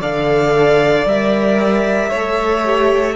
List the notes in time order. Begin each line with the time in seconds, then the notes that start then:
0.00 D3 A4 D5 F5
1.05 G3 A#4 E5
2.09 A3 C#5
2.16 A4
2.65 G4